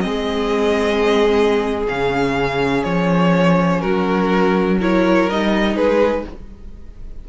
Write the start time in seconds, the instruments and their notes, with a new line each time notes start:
0.00 cello G#3, viola C4, violin G#4 D#5
1.88 cello C#3, viola C#4, violin F5
2.83 cello F3, violin C#5
3.80 cello F#3, violin F#4 A#4
4.78 viola E4, violin A#4 C#5
5.29 cello G3, viola D#4, violin D#5
5.74 cello G#3, violin G#4 B4